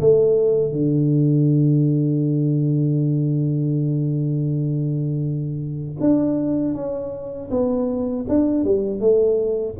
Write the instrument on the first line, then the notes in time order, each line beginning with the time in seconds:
tuba
0.00 A3
0.72 D3
6.00 D4
6.75 C#4
7.51 B3
8.28 D4
8.64 G3
9.00 A3